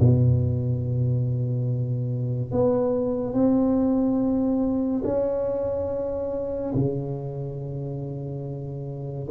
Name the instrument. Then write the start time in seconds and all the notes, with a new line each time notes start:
tuba
0.00 B2
2.52 B3
3.34 C4
5.05 C#4
6.75 C#3